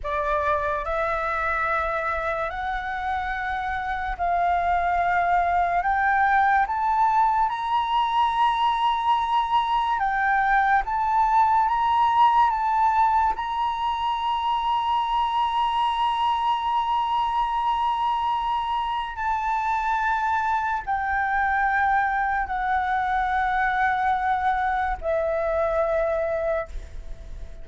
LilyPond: \new Staff \with { instrumentName = "flute" } { \time 4/4 \tempo 4 = 72 d''4 e''2 fis''4~ | fis''4 f''2 g''4 | a''4 ais''2. | g''4 a''4 ais''4 a''4 |
ais''1~ | ais''2. a''4~ | a''4 g''2 fis''4~ | fis''2 e''2 | }